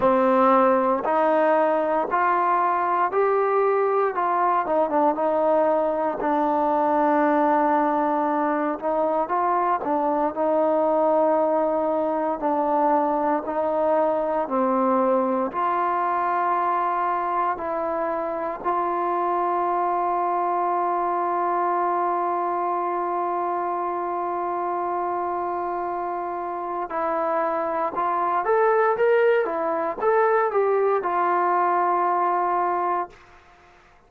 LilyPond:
\new Staff \with { instrumentName = "trombone" } { \time 4/4 \tempo 4 = 58 c'4 dis'4 f'4 g'4 | f'8 dis'16 d'16 dis'4 d'2~ | d'8 dis'8 f'8 d'8 dis'2 | d'4 dis'4 c'4 f'4~ |
f'4 e'4 f'2~ | f'1~ | f'2 e'4 f'8 a'8 | ais'8 e'8 a'8 g'8 f'2 | }